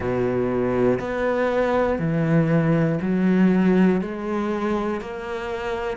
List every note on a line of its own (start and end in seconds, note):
0.00 0.99 B2
1.00 1.99 B3
1.99 2.99 E3
3.01 4.00 F#3
4.00 5.00 G#3
5.00 5.97 A#3